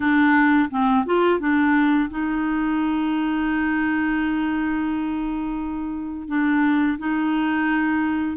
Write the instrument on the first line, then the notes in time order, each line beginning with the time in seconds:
clarinet
0.00 D4
0.70 C4
1.05 F4
1.39 D4
2.10 D#4
6.28 D4
6.98 D#4